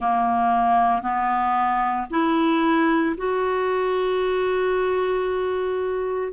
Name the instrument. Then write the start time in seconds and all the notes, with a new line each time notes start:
clarinet
0.00 A#3
1.01 B3
2.10 E4
3.17 F#4